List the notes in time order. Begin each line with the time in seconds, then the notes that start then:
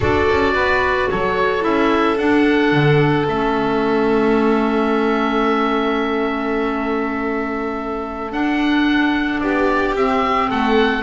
0.00 D4 F#4 A4 D5
0.30 C#4
0.53 B3 B4
1.10 F#3 A4 C#5
1.60 C#4 E4 E5
2.17 D4 F#5
2.72 D3
3.28 A3 C#4 E5
8.32 D4 F#5
9.40 B3 G4 D5
9.95 C4 E5
10.49 A3 A4 F#5